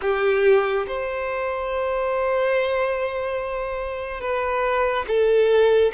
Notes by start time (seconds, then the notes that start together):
0.01 G4
0.87 C5
4.20 B4
5.07 A4